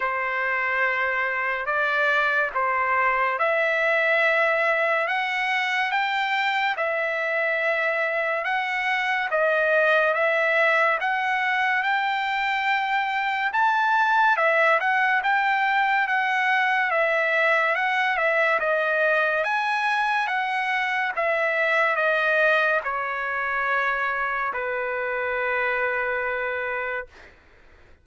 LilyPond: \new Staff \with { instrumentName = "trumpet" } { \time 4/4 \tempo 4 = 71 c''2 d''4 c''4 | e''2 fis''4 g''4 | e''2 fis''4 dis''4 | e''4 fis''4 g''2 |
a''4 e''8 fis''8 g''4 fis''4 | e''4 fis''8 e''8 dis''4 gis''4 | fis''4 e''4 dis''4 cis''4~ | cis''4 b'2. | }